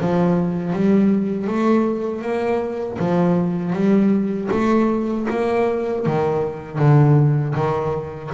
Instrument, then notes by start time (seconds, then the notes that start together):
double bass
0.00 F3
0.72 G3
1.47 A3
2.21 A#3
2.99 F3
3.72 G3
4.51 A3
5.30 A#3
6.06 D#3
6.78 D3
7.54 D#3